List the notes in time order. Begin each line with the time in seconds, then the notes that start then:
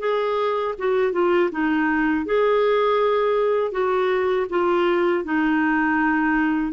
0.00 G#4
0.78 F#4
1.12 F4
1.52 D#4
2.26 G#4
3.72 F#4
4.50 F4
5.25 D#4